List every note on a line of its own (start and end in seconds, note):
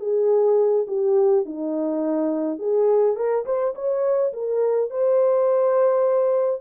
0.00 0.87 G#4
0.88 1.46 G4
1.46 2.59 D#4
2.59 3.16 G#4
3.16 3.45 A#4
3.46 3.74 C5
3.75 4.33 C#5
4.33 4.91 A#4
4.91 6.61 C5